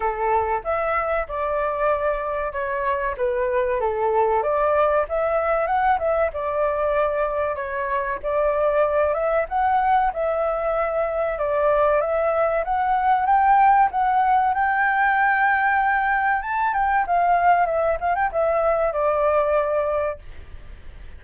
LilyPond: \new Staff \with { instrumentName = "flute" } { \time 4/4 \tempo 4 = 95 a'4 e''4 d''2 | cis''4 b'4 a'4 d''4 | e''4 fis''8 e''8 d''2 | cis''4 d''4. e''8 fis''4 |
e''2 d''4 e''4 | fis''4 g''4 fis''4 g''4~ | g''2 a''8 g''8 f''4 | e''8 f''16 g''16 e''4 d''2 | }